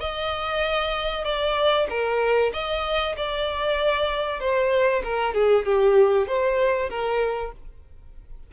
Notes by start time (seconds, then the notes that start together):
0.00 D#5
1.24 D5
1.89 A#4
2.53 D#5
3.17 D5
4.40 C5
5.04 A#4
5.34 G#4
5.65 G4
6.27 C5
6.89 A#4